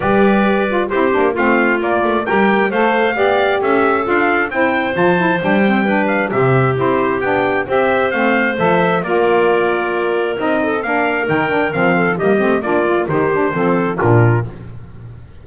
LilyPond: <<
  \new Staff \with { instrumentName = "trumpet" } { \time 4/4 \tempo 4 = 133 d''2 c''4 f''4 | d''4 g''4 f''2 | e''4 f''4 g''4 a''4 | g''4. f''8 e''4 c''4 |
g''4 e''4 f''4 e''4 | d''2. dis''4 | f''4 g''4 f''4 dis''4 | d''4 c''2 ais'4 | }
  \new Staff \with { instrumentName = "clarinet" } { \time 4/4 b'2 g'4 f'4~ | f'4 g'4 c''4 d''4 | a'2 c''2~ | c''4 b'4 g'2~ |
g'4 c''2. | ais'2.~ ais'8 a'8 | ais'2~ ais'8 a'8 g'4 | f'4 g'4 a'4 f'4 | }
  \new Staff \with { instrumentName = "saxophone" } { \time 4/4 g'4. f'8 e'8 d'8 c'4 | ais4 ais'4 a'4 g'4~ | g'4 f'4 e'4 f'8 e'8 | d'8 c'8 d'4 c'4 e'4 |
d'4 g'4 c'4 a'4 | f'2. dis'4 | d'4 dis'8 d'8 c'4 ais8 c'8 | d'8 f'8 dis'8 d'8 c'4 d'4 | }
  \new Staff \with { instrumentName = "double bass" } { \time 4/4 g2 c'8 ais8 a4 | ais8 a8 g4 a4 b4 | cis'4 d'4 c'4 f4 | g2 c4 c'4 |
b4 c'4 a4 f4 | ais2. c'4 | ais4 dis4 f4 g8 a8 | ais4 dis4 f4 ais,4 | }
>>